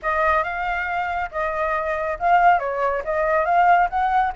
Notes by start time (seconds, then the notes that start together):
0.02 D#5
0.43 F5
1.31 D#5
2.19 F5
2.59 C#5
3.04 D#5
3.45 F5
3.89 F#5